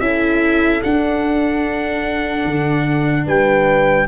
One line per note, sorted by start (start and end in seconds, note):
0.00 0.81 C#4
0.00 0.83 E4
0.00 3.26 A4
0.00 0.81 E5
0.83 4.07 D4
0.83 2.45 D4
0.83 3.26 F#5
2.45 3.26 D3
3.26 4.07 G3
3.26 4.07 B4
3.26 4.07 G5